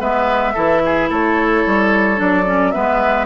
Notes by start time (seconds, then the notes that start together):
0.00 G#3 B3 B4 E5
0.54 E3 E4 A4
0.85 G#4
1.09 A3 A4 C#5
1.66 G3
2.16 F#3 D4 D5
2.46 C#4
2.71 G#3 B3 B4 E5